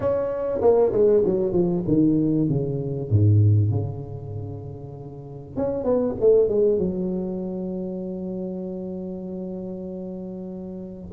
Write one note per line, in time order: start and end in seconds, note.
0.00 0.60 C#4
0.61 0.92 A#3
0.92 1.23 G#3
1.25 1.52 F#3
1.52 1.83 F3
1.87 2.49 D#3
2.49 3.10 C#3
3.10 3.71 G#2
3.71 5.56 C#3
5.56 5.83 C#4
5.83 6.14 B3
6.20 6.48 A3
6.48 6.78 G#3
6.78 11.11 F#3